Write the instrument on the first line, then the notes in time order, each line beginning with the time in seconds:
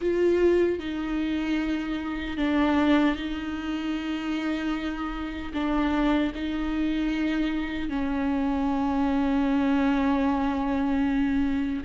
viola
0.01 F4
0.79 D#4
2.37 D4
3.15 D#4
5.53 D4
6.34 D#4
7.89 C#4